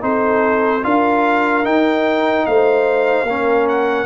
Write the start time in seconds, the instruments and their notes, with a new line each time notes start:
0.00 tuba C4, trombone D#4, horn A4, trumpet C5
0.82 tuba D4, trombone F4, horn A#4, trumpet F5
1.64 trombone D#4, tuba D#4, trumpet G5
2.46 tuba A3, horn C5, trumpet F5
3.23 tuba A#3, horn A#4
3.29 trombone C#4
3.68 trumpet F#5